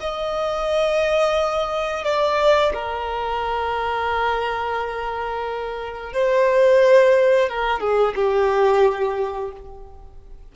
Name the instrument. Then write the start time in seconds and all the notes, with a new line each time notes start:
violin
0.00 D#5
2.04 D5
2.74 A#4
6.13 C5
7.49 A#4
7.80 G#4
8.15 G4